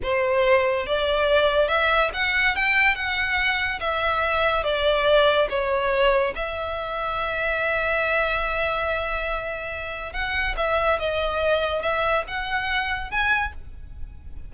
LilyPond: \new Staff \with { instrumentName = "violin" } { \time 4/4 \tempo 4 = 142 c''2 d''2 | e''4 fis''4 g''4 fis''4~ | fis''4 e''2 d''4~ | d''4 cis''2 e''4~ |
e''1~ | e''1 | fis''4 e''4 dis''2 | e''4 fis''2 gis''4 | }